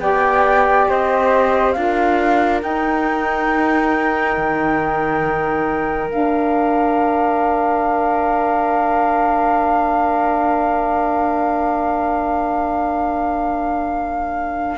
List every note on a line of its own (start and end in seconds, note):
0.00 0.87 B3
0.00 1.75 G4
0.00 0.89 D5
0.00 0.88 G5
0.89 1.76 C4
0.89 1.76 C5
0.89 1.73 D#5
1.73 2.63 D4
1.73 2.61 F4
1.73 14.78 A#4
1.73 2.60 F5
2.61 6.09 D#4
2.61 4.37 D#4
2.61 6.11 G5
4.37 6.09 D#3
6.09 14.78 A#3
6.09 14.78 D4
6.09 14.78 F5